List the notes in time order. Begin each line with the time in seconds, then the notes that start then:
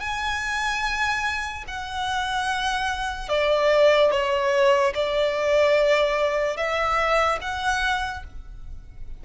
0.00 G#5
1.67 F#5
3.29 D5
4.11 C#5
4.94 D5
6.56 E5
7.41 F#5